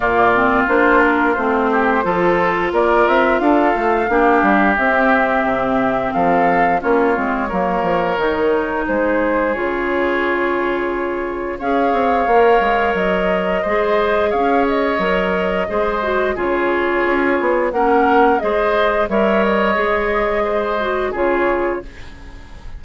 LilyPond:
<<
  \new Staff \with { instrumentName = "flute" } { \time 4/4 \tempo 4 = 88 d''4 c''8 ais'8 c''2 | d''8 e''8 f''2 e''4~ | e''4 f''4 cis''2~ | cis''4 c''4 cis''2~ |
cis''4 f''2 dis''4~ | dis''4 f''8 dis''2~ dis''8 | cis''2 fis''4 dis''4 | e''8 dis''2~ dis''8 cis''4 | }
  \new Staff \with { instrumentName = "oboe" } { \time 4/4 f'2~ f'8 g'8 a'4 | ais'4 a'4 g'2~ | g'4 a'4 f'4 ais'4~ | ais'4 gis'2.~ |
gis'4 cis''2. | c''4 cis''2 c''4 | gis'2 ais'4 c''4 | cis''2 c''4 gis'4 | }
  \new Staff \with { instrumentName = "clarinet" } { \time 4/4 ais8 c'8 d'4 c'4 f'4~ | f'2 d'4 c'4~ | c'2 cis'8 c'8 ais4 | dis'2 f'2~ |
f'4 gis'4 ais'2 | gis'2 ais'4 gis'8 fis'8 | f'2 cis'4 gis'4 | ais'4 gis'4. fis'8 f'4 | }
  \new Staff \with { instrumentName = "bassoon" } { \time 4/4 ais,4 ais4 a4 f4 | ais8 c'8 d'8 a8 ais8 g8 c'4 | c4 f4 ais8 gis8 fis8 f8 | dis4 gis4 cis2~ |
cis4 cis'8 c'8 ais8 gis8 fis4 | gis4 cis'4 fis4 gis4 | cis4 cis'8 b8 ais4 gis4 | g4 gis2 cis4 | }
>>